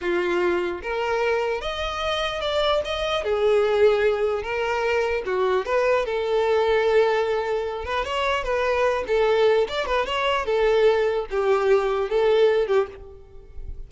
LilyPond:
\new Staff \with { instrumentName = "violin" } { \time 4/4 \tempo 4 = 149 f'2 ais'2 | dis''2 d''4 dis''4 | gis'2. ais'4~ | ais'4 fis'4 b'4 a'4~ |
a'2.~ a'8 b'8 | cis''4 b'4. a'4. | d''8 b'8 cis''4 a'2 | g'2 a'4. g'8 | }